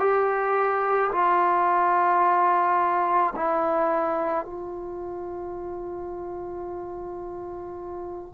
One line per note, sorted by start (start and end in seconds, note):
0.00 1.11 G4
1.12 3.34 F4
3.36 4.45 E4
4.45 8.34 F4